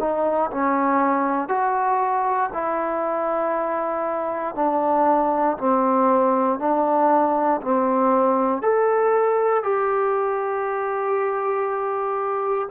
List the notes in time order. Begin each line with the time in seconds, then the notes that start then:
0.00 D#4
0.51 C#4
1.49 F#4
2.53 E4
4.56 D4
5.58 C4
6.60 D4
7.62 C4
8.63 A4
9.64 G4